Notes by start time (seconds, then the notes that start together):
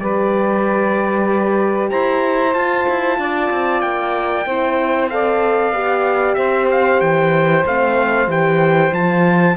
0.00 G3 G4 B4 D5
1.90 E4 C5 A#5
2.54 F4 A5
2.89 E4
3.19 D4 D5
3.51 C4
3.82 A#3 G5
4.46 C4 E4 C5
5.10 A4 D5 F5
5.73 B3 G4
6.35 C4 C5 E5
6.72 F5
7.01 E3 G5
7.66 A3 C4 F5
8.28 E3 G4 G5
8.93 F3 F4 A5